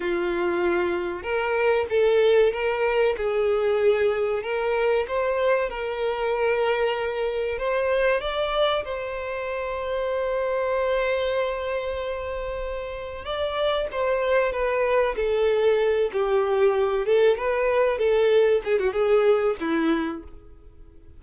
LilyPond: \new Staff \with { instrumentName = "violin" } { \time 4/4 \tempo 4 = 95 f'2 ais'4 a'4 | ais'4 gis'2 ais'4 | c''4 ais'2. | c''4 d''4 c''2~ |
c''1~ | c''4 d''4 c''4 b'4 | a'4. g'4. a'8 b'8~ | b'8 a'4 gis'16 fis'16 gis'4 e'4 | }